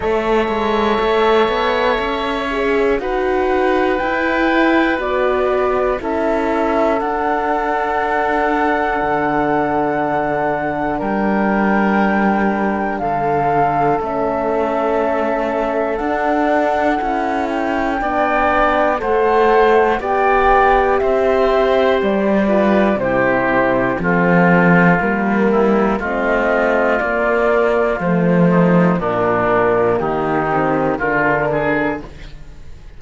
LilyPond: <<
  \new Staff \with { instrumentName = "flute" } { \time 4/4 \tempo 4 = 60 e''2. fis''4 | g''4 d''4 e''4 fis''4~ | fis''2. g''4~ | g''4 f''4 e''2 |
fis''4. g''4. fis''4 | g''4 e''4 d''4 c''4 | a'4 ais'4 dis''4 d''4 | c''4 ais'4 g'4 ais'4 | }
  \new Staff \with { instrumentName = "oboe" } { \time 4/4 cis''2. b'4~ | b'2 a'2~ | a'2. ais'4~ | ais'4 a'2.~ |
a'2 d''4 c''4 | d''4 c''4. b'8 g'4 | f'4. e'8 f'2~ | f'8 dis'8 d'4 dis'4 f'8 gis'8 | }
  \new Staff \with { instrumentName = "horn" } { \time 4/4 a'2~ a'8 gis'8 fis'4 | e'4 fis'4 e'4 d'4~ | d'1~ | d'2 cis'2 |
d'4 e'4 d'4 a'4 | g'2~ g'8 f'8 e'4 | c'4 ais4 c'4 ais4 | a4 ais4. c'8 d'4 | }
  \new Staff \with { instrumentName = "cello" } { \time 4/4 a8 gis8 a8 b8 cis'4 dis'4 | e'4 b4 cis'4 d'4~ | d'4 d2 g4~ | g4 d4 a2 |
d'4 cis'4 b4 a4 | b4 c'4 g4 c4 | f4 g4 a4 ais4 | f4 ais,4 dis4 d4 | }
>>